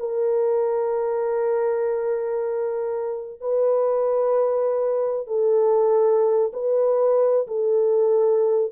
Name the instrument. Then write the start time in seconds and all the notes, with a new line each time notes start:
horn
0.00 A#4
3.41 B4
5.28 A4
6.54 B4
7.48 A4